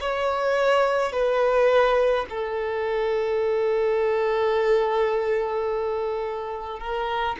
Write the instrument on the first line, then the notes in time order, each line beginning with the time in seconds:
violin
0.00 C#5
1.12 B4
2.30 A4
6.79 A#4